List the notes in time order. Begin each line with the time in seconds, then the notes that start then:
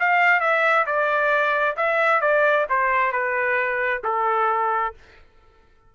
0.00 F5
0.40 E5
0.86 D5
1.77 E5
2.21 D5
2.69 C5
3.12 B4
4.04 A4